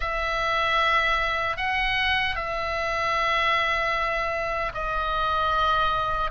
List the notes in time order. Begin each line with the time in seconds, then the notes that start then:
0.00 E5
1.56 F#5
2.35 E5
4.74 D#5